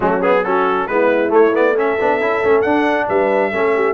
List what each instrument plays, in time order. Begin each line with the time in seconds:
0.00 tuba F#3, trombone A3, horn C#4, trumpet F#4
0.22 trombone B3, trumpet G#4
0.44 trombone C#4, horn F#4, trumpet A4
0.87 tuba G#3, trombone B3, horn E4, trumpet B4
1.28 trombone A3, tuba A3, trumpet C#5
1.53 trombone B3, trumpet D5
1.73 trombone C#4, horn A4, trumpet E5
2.00 tuba B3, trombone D4
2.20 tuba C#4, trombone E4
2.43 tuba A3, trombone C#4
2.61 tuba D4, trombone D4, trumpet F#5
3.08 tuba G3, horn B4, trumpet E5
3.51 tuba A3, trombone C#4, horn A4
3.75 horn G4